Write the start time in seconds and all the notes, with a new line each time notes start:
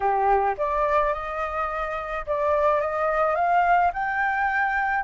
0.00 G4
0.57 D5
1.13 D#5
2.26 D5
2.80 D#5
3.35 F5
3.93 G5